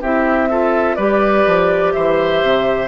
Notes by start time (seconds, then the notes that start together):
0.00 C4 E4 G4 E5
0.50 F4 A4
0.95 G3 G4 B4 D5
1.47 F3
1.93 E3 C5 E5
2.43 C3